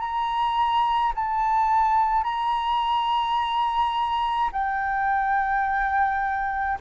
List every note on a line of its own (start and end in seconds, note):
0.00 1.13 A#5
1.15 2.24 A5
2.24 4.51 A#5
4.52 6.79 G5